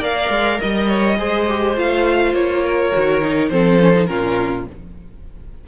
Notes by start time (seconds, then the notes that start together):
0.00 A#3 A#4 D5 F5
0.29 G#3
0.60 G3 D#5
0.88 C#5
1.18 G#3 G#4 C5
1.48 G4
1.75 A3 F4 F5
2.33 A#3 C#5
2.64 A#4
2.92 D#3 F#4
3.21 D#4
3.49 F3 C4 A4 C5
3.79 C#4
3.94 D#4
4.06 A#2 C#4 F4 A#4